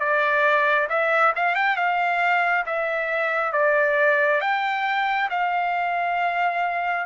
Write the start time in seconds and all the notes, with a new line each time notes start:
0.00 D5
0.90 E5
1.36 F5
1.56 G5
1.77 F5
2.66 E5
3.53 D5
4.41 G5
5.30 F5